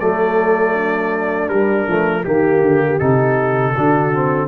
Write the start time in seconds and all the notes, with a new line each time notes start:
0.00 F#3 A3 A4 D5
0.74 D4
1.49 G3 A#4
1.88 F3 A3
2.25 D#3 A#3 G4
2.62 D3
2.99 C3 D#4 A4
3.74 D3 D4 F#4
4.14 C4